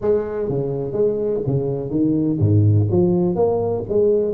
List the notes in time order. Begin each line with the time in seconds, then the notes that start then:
0.01 G#3
0.48 C#3
0.92 G#3
1.46 C#3
1.90 D#3
2.39 G#2
2.90 F3
3.35 A#3
3.88 G#3